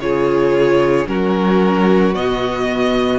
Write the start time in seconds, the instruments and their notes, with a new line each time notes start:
0.00 cello C#3, viola F4, violin G#4 C#5
1.06 cello F#3, viola C#4, violin F#4 A#4
2.15 cello B2, viola B3, violin D#5